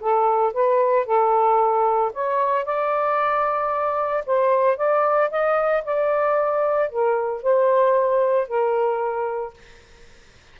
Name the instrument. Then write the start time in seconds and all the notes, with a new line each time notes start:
saxophone
0.00 A4
0.54 B4
1.06 A4
2.13 C#5
2.65 D5
4.26 C5
4.77 D5
5.31 D#5
5.85 D5
6.90 A#4
7.43 C5
8.48 A#4